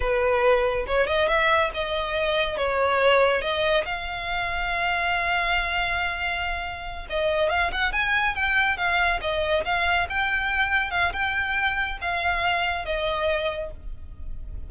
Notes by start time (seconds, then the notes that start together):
0.00 B4
0.86 C#5
1.06 D#5
1.27 E5
1.74 D#5
2.57 C#5
3.41 D#5
3.85 F5
7.09 D#5
7.49 F5
7.71 F#5
7.92 G#5
8.35 G5
8.77 F5
9.21 D#5
9.64 F5
10.09 G5
10.91 F5
11.12 G5
12.01 F5
12.85 D#5